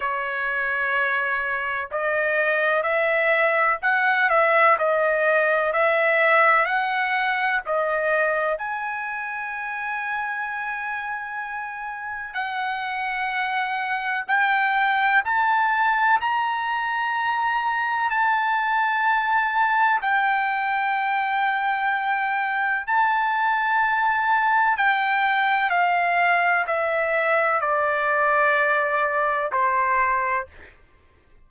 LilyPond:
\new Staff \with { instrumentName = "trumpet" } { \time 4/4 \tempo 4 = 63 cis''2 dis''4 e''4 | fis''8 e''8 dis''4 e''4 fis''4 | dis''4 gis''2.~ | gis''4 fis''2 g''4 |
a''4 ais''2 a''4~ | a''4 g''2. | a''2 g''4 f''4 | e''4 d''2 c''4 | }